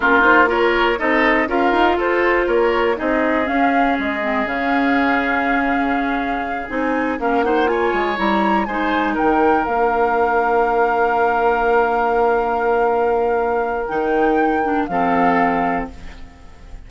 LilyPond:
<<
  \new Staff \with { instrumentName = "flute" } { \time 4/4 \tempo 4 = 121 ais'8 c''8 cis''4 dis''4 f''4 | c''4 cis''4 dis''4 f''4 | dis''4 f''2.~ | f''4. gis''4 f''8 fis''8 gis''8~ |
gis''8 ais''4 gis''4 g''4 f''8~ | f''1~ | f''1 | g''2 f''2 | }
  \new Staff \with { instrumentName = "oboe" } { \time 4/4 f'4 ais'4 a'4 ais'4 | a'4 ais'4 gis'2~ | gis'1~ | gis'2~ gis'8 ais'8 c''8 cis''8~ |
cis''4. c''4 ais'4.~ | ais'1~ | ais'1~ | ais'2 a'2 | }
  \new Staff \with { instrumentName = "clarinet" } { \time 4/4 cis'8 dis'8 f'4 dis'4 f'4~ | f'2 dis'4 cis'4~ | cis'8 c'8 cis'2.~ | cis'4. dis'4 cis'8 dis'8 f'8~ |
f'8 e'4 dis'2 d'8~ | d'1~ | d'1 | dis'4. d'8 c'2 | }
  \new Staff \with { instrumentName = "bassoon" } { \time 4/4 ais2 c'4 cis'8 dis'8 | f'4 ais4 c'4 cis'4 | gis4 cis2.~ | cis4. c'4 ais4. |
gis8 g4 gis4 dis4 ais8~ | ais1~ | ais1 | dis2 f2 | }
>>